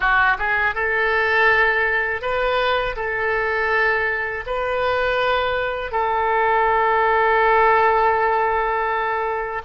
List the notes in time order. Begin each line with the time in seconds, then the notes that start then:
0.00 F#4
0.38 G#4
0.74 A4
2.21 B4
2.96 A4
4.46 B4
5.91 A4